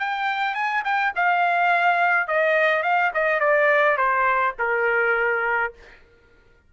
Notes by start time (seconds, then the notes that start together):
0.00 G5
0.55 G#5
0.84 G5
1.16 F5
2.28 D#5
2.83 F5
3.14 D#5
3.40 D5
3.98 C5
4.59 A#4